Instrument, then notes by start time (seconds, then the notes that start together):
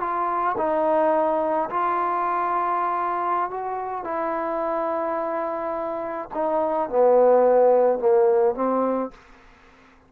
trombone
0.00 F4
0.58 D#4
1.70 F4
3.50 F#4
4.05 E4
6.35 D#4
6.90 B3
8.00 A#3
8.55 C4